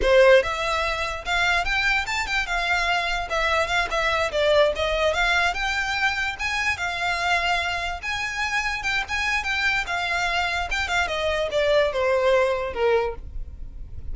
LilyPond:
\new Staff \with { instrumentName = "violin" } { \time 4/4 \tempo 4 = 146 c''4 e''2 f''4 | g''4 a''8 g''8 f''2 | e''4 f''8 e''4 d''4 dis''8~ | dis''8 f''4 g''2 gis''8~ |
gis''8 f''2. gis''8~ | gis''4. g''8 gis''4 g''4 | f''2 g''8 f''8 dis''4 | d''4 c''2 ais'4 | }